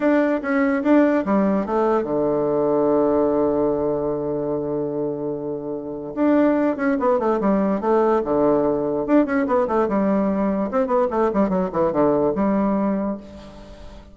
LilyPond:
\new Staff \with { instrumentName = "bassoon" } { \time 4/4 \tempo 4 = 146 d'4 cis'4 d'4 g4 | a4 d2.~ | d1~ | d2. d'4~ |
d'8 cis'8 b8 a8 g4 a4 | d2 d'8 cis'8 b8 a8 | g2 c'8 b8 a8 g8 | fis8 e8 d4 g2 | }